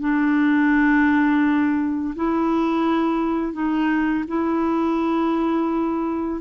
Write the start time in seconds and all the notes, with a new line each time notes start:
0.00 D4
2.16 E4
3.53 D#4
4.28 E4